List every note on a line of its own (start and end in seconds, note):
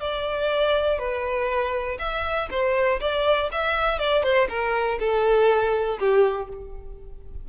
0.00 0.98 D5
0.98 1.97 B4
1.99 2.48 E5
2.50 3.00 C5
3.00 3.50 D5
3.51 3.98 E5
3.98 4.23 D5
4.23 4.48 C5
4.49 4.99 A#4
4.99 5.98 A4
5.99 6.48 G4